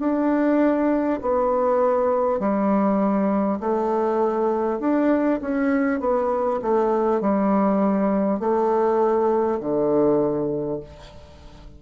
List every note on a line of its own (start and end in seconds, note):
0.00 1.20 D4
1.22 2.39 B3
2.39 3.59 G3
3.61 4.79 A3
4.79 5.39 D4
5.42 6.01 C#4
6.01 6.61 B3
6.62 7.21 A3
7.21 8.40 G3
8.40 9.60 A3
9.60 10.80 D3